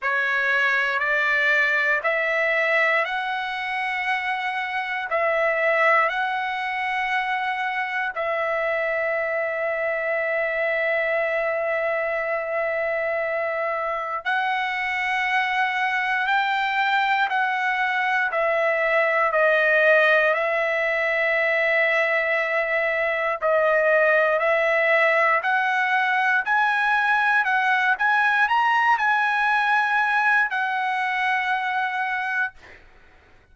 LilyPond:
\new Staff \with { instrumentName = "trumpet" } { \time 4/4 \tempo 4 = 59 cis''4 d''4 e''4 fis''4~ | fis''4 e''4 fis''2 | e''1~ | e''2 fis''2 |
g''4 fis''4 e''4 dis''4 | e''2. dis''4 | e''4 fis''4 gis''4 fis''8 gis''8 | ais''8 gis''4. fis''2 | }